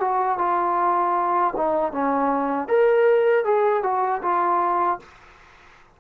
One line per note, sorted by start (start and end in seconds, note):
0.00 0.38 F#4
0.38 1.54 F4
1.57 1.92 D#4
1.92 2.68 C#4
2.68 3.45 A#4
3.45 3.83 G#4
3.83 4.22 F#4
4.22 4.99 F4